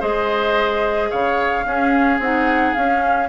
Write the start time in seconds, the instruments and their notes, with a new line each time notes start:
0.00 bassoon G#3, clarinet G#4, oboe C5, flute D#5
1.10 bassoon C#3, oboe C#5, flute F5
1.65 bassoon C#4, clarinet C#4, oboe G#4
2.19 bassoon C4, clarinet D#4, flute F#5
2.74 bassoon C#4, clarinet C#4, flute F5